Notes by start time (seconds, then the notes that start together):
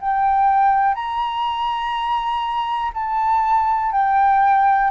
0.00 G5
0.95 A#5
2.94 A5
3.92 G5